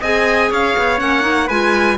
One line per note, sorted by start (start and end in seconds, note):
0.00 0.50 C4
0.00 0.98 G#4
0.00 0.49 D#5
0.00 0.52 G#5
0.50 0.76 C#4
0.50 1.47 C#5
0.50 0.99 F5
0.77 1.00 B3
0.98 1.49 A#3
0.98 1.21 C#4
0.98 1.49 F#5
1.21 1.45 D#4
1.47 1.98 G#3
1.47 1.98 F4
1.47 1.96 B4
1.47 1.98 G#5